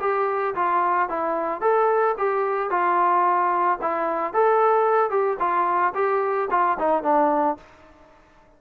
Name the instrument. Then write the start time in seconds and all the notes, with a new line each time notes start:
trombone
0.00 G4
0.55 F4
1.09 E4
1.61 A4
2.18 G4
2.70 F4
3.81 E4
4.33 A4
5.10 G4
5.39 F4
5.94 G4
6.50 F4
6.79 D#4
7.03 D4